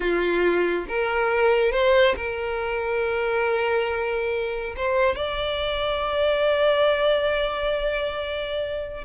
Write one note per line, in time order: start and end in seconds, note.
0.00 0.85 F4
0.88 1.71 A#4
1.71 2.15 C5
2.16 4.75 A#4
4.76 5.15 C5
5.15 9.04 D5